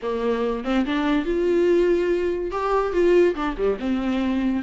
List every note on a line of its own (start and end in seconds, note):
0.02 0.64 A#3
0.64 0.85 C4
0.85 1.25 D4
1.25 2.51 F4
2.51 2.92 G4
2.92 3.34 F4
3.35 3.56 D4
3.57 3.78 G3
3.79 4.62 C4